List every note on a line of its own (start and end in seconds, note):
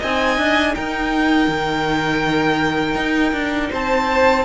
0.00 0.38 C4
0.00 4.45 D#4
0.00 0.74 D#5
0.00 0.75 G#5
0.38 0.75 D4
0.75 1.48 D#4
0.75 3.71 A#4
0.75 3.72 G5
1.48 2.96 D#3
2.96 3.33 D#4
3.33 3.70 D4
3.71 4.45 C4
3.71 4.45 C5
3.71 4.45 A5